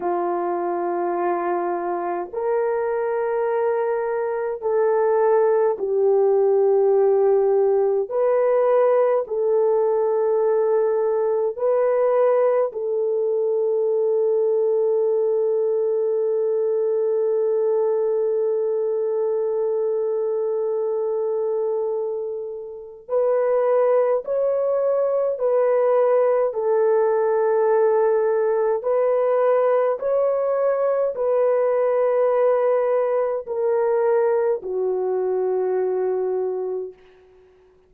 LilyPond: \new Staff \with { instrumentName = "horn" } { \time 4/4 \tempo 4 = 52 f'2 ais'2 | a'4 g'2 b'4 | a'2 b'4 a'4~ | a'1~ |
a'1 | b'4 cis''4 b'4 a'4~ | a'4 b'4 cis''4 b'4~ | b'4 ais'4 fis'2 | }